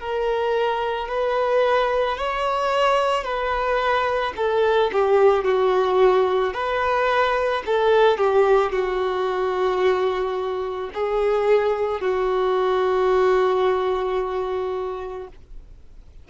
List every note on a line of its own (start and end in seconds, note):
0.00 1.09 A#4
1.09 2.18 B4
2.18 3.24 C#5
3.24 4.33 B4
4.36 4.91 A4
4.92 5.44 G4
5.44 6.54 F#4
6.54 7.63 B4
7.66 8.18 A4
8.18 8.72 G4
8.72 10.90 F#4
10.94 12.00 G#4
12.00 15.28 F#4